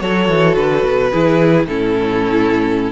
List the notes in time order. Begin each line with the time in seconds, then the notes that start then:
0.00 F#3 F#4 A4 C#5
0.29 E3
0.55 D3 B4
0.84 B2
1.11 E3 E4 G#4
1.66 A2 C#4 E4 A4